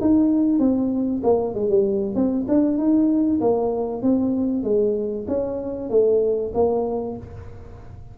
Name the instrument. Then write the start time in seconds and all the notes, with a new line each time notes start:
tuba
0.00 D#4
0.59 C4
1.23 A#3
1.54 G#3
1.69 G3
2.15 C4
2.48 D4
2.77 D#4
3.40 A#3
4.02 C4
4.63 G#3
5.27 C#4
5.89 A3
6.54 A#3